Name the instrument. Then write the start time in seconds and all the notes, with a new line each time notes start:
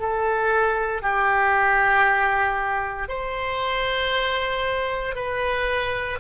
oboe
0.00 A4
1.03 G4
3.09 C5
5.16 B4